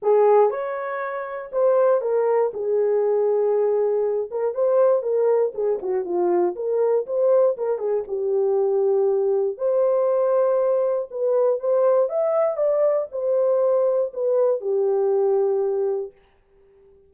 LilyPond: \new Staff \with { instrumentName = "horn" } { \time 4/4 \tempo 4 = 119 gis'4 cis''2 c''4 | ais'4 gis'2.~ | gis'8 ais'8 c''4 ais'4 gis'8 fis'8 | f'4 ais'4 c''4 ais'8 gis'8 |
g'2. c''4~ | c''2 b'4 c''4 | e''4 d''4 c''2 | b'4 g'2. | }